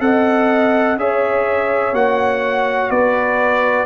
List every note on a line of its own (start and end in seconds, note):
0.00 0.97 C4
0.00 0.97 A4
0.00 1.01 D#5
0.00 0.98 F#5
0.97 1.93 C#4
0.97 1.95 G#4
0.97 2.91 C#5
0.97 1.95 E5
1.93 2.89 A#3
1.93 3.86 F#4
1.93 2.91 F#5
2.90 3.86 B3
2.90 3.86 B4
2.90 3.86 D5